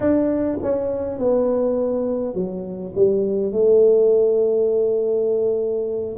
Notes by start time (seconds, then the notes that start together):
0.00 D4
0.62 C#4
1.18 B3
2.34 F#3
2.95 G3
3.51 A3